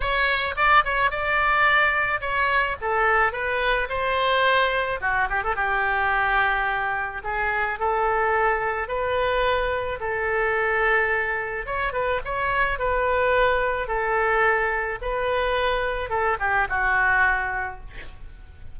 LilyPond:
\new Staff \with { instrumentName = "oboe" } { \time 4/4 \tempo 4 = 108 cis''4 d''8 cis''8 d''2 | cis''4 a'4 b'4 c''4~ | c''4 fis'8 g'16 a'16 g'2~ | g'4 gis'4 a'2 |
b'2 a'2~ | a'4 cis''8 b'8 cis''4 b'4~ | b'4 a'2 b'4~ | b'4 a'8 g'8 fis'2 | }